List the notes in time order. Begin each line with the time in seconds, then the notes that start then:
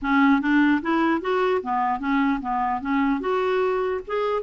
0.01 C#4
0.41 D4
0.81 E4
1.21 F#4
1.62 B3
1.99 C#4
2.41 B3
2.81 C#4
3.20 F#4
4.07 G#4